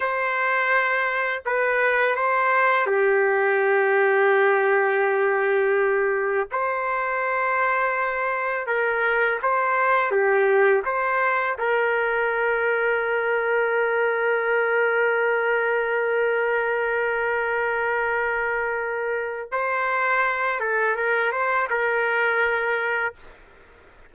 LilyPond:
\new Staff \with { instrumentName = "trumpet" } { \time 4/4 \tempo 4 = 83 c''2 b'4 c''4 | g'1~ | g'4 c''2. | ais'4 c''4 g'4 c''4 |
ais'1~ | ais'1~ | ais'2. c''4~ | c''8 a'8 ais'8 c''8 ais'2 | }